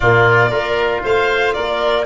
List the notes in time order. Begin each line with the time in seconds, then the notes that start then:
0.00 A#2 A#3 F4 D5
0.50 A#3 F4 A#4
1.03 A3 C5 F5
1.53 A#3 A#4 D5